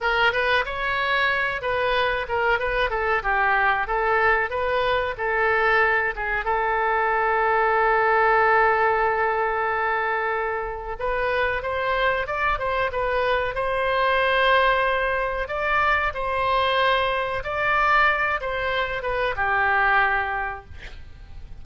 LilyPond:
\new Staff \with { instrumentName = "oboe" } { \time 4/4 \tempo 4 = 93 ais'8 b'8 cis''4. b'4 ais'8 | b'8 a'8 g'4 a'4 b'4 | a'4. gis'8 a'2~ | a'1~ |
a'4 b'4 c''4 d''8 c''8 | b'4 c''2. | d''4 c''2 d''4~ | d''8 c''4 b'8 g'2 | }